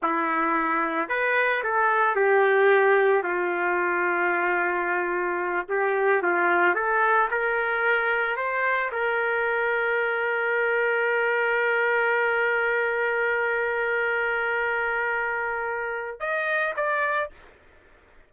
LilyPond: \new Staff \with { instrumentName = "trumpet" } { \time 4/4 \tempo 4 = 111 e'2 b'4 a'4 | g'2 f'2~ | f'2~ f'8 g'4 f'8~ | f'8 a'4 ais'2 c''8~ |
c''8 ais'2.~ ais'8~ | ais'1~ | ais'1~ | ais'2 dis''4 d''4 | }